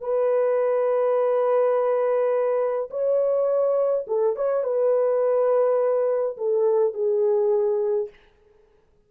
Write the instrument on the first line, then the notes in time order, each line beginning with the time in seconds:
horn
0.00 B4
2.90 C#5
4.06 A4
4.36 C#5
4.63 B4
6.37 A4
6.93 G#4